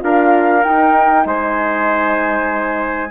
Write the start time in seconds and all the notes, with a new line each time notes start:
0.00 D4 F4 A#4 F5
0.64 D#4 G5
1.26 G#3 C5 G#5